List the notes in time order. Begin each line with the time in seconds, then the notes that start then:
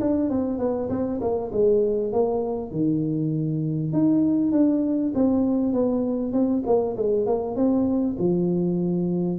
0.00 D4
0.30 C4
0.59 B3
0.89 C4
1.21 A#3
1.52 G#3
2.12 A#3
2.72 D#3
3.93 D#4
4.52 D4
5.14 C4
5.73 B3
6.33 C4
6.66 A#3
6.97 G#3
7.26 A#3
7.56 C4
8.19 F3